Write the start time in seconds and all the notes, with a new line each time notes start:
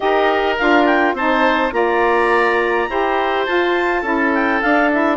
0.00 D#4 G4 A#4 D#5
0.58 D4 F4 F5
0.85 G5
1.13 C4 D#4 C5 A5
1.71 A#3 F4 D5 A#5
2.89 E4 G4 C5
3.45 F4 A5
4.01 C#4 E4 A4
4.34 G5
4.61 D4 F5
4.92 E4 E5